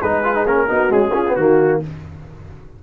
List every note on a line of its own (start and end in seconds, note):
0.00 0.46 G#3
0.00 0.24 D#4
0.00 0.67 G#4
0.00 0.47 B4
0.24 0.35 F4
0.35 0.46 D#4
0.46 0.68 A#3
0.46 0.69 C#4
0.46 0.92 A#4
0.68 0.92 B3
0.68 0.89 D#4
0.68 1.13 F#4
0.89 1.11 G#3
0.89 1.37 C#4
0.89 1.36 G#4
1.14 1.25 C#4
1.14 1.36 F4
1.28 1.39 B3
1.36 1.82 D#3
1.36 1.84 A#3
1.36 1.81 F#4
1.36 1.82 F#4